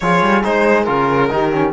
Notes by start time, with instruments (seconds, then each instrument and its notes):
0.00 cello F3, trombone F4, horn G#4, violin C#5
0.21 cello G3
0.43 cello G#3, trombone D#4, violin C5
0.83 cello C#3, trombone F4, violin A#4
1.29 cello D#3, trombone D#4, horn G4
1.51 trombone C#4